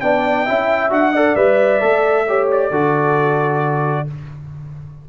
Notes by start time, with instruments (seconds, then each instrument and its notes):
0.00 tuba B3, trombone D4, horn D5, trumpet G5
0.46 tuba C#4, trombone E4, horn E5
0.90 tuba D4, trombone F#4, trumpet F#5
1.12 trombone A4, horn D5
1.35 tuba G3, trombone B4, trumpet E5
1.80 tuba A3, trombone A4
2.27 trombone G4, horn C#5
2.51 trumpet D5
2.70 tuba D3, trombone F#4, horn A4